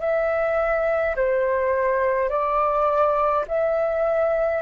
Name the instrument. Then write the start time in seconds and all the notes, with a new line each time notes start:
flute
0.00 E5
1.16 C5
2.29 D5
3.48 E5